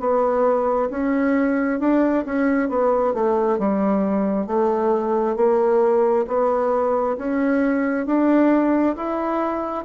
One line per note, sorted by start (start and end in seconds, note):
0.00 0.90 B3
0.90 1.80 C#4
1.80 2.25 D4
2.26 2.69 C#4
2.69 3.14 B3
3.14 3.59 A3
3.59 4.47 G3
4.47 5.36 A3
5.36 6.26 A#3
6.27 7.17 B3
7.18 8.06 C#4
8.06 8.96 D4
8.96 9.85 E4